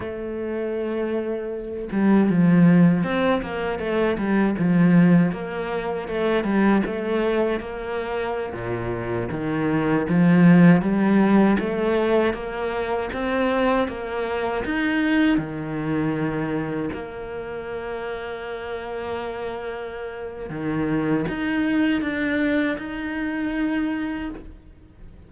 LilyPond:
\new Staff \with { instrumentName = "cello" } { \time 4/4 \tempo 4 = 79 a2~ a8 g8 f4 | c'8 ais8 a8 g8 f4 ais4 | a8 g8 a4 ais4~ ais16 ais,8.~ | ais,16 dis4 f4 g4 a8.~ |
a16 ais4 c'4 ais4 dis'8.~ | dis'16 dis2 ais4.~ ais16~ | ais2. dis4 | dis'4 d'4 dis'2 | }